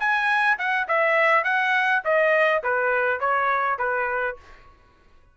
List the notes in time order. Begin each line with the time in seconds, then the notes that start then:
0.00 G#5
0.59 F#5
0.88 E5
1.44 F#5
2.05 D#5
2.63 B4
3.20 C#5
3.79 B4